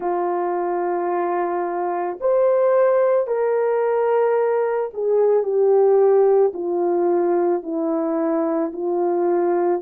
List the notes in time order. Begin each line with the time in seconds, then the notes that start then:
0.00 F4
2.20 C5
3.27 A#4
4.93 G#4
5.43 G4
6.53 F4
7.63 E4
8.73 F4